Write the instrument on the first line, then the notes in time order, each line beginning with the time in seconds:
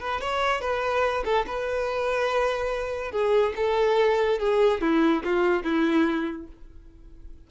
violin
0.00 B4
0.21 C#5
0.61 B4
1.25 A4
1.47 B4
3.11 G#4
3.56 A4
4.39 G#4
4.81 E4
5.24 F4
5.63 E4